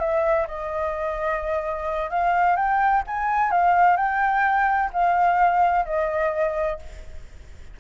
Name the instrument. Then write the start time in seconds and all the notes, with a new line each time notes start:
flute
0.00 E5
0.48 D#5
2.11 F5
2.56 G5
3.07 G#5
3.51 F5
3.97 G5
4.93 F5
5.86 D#5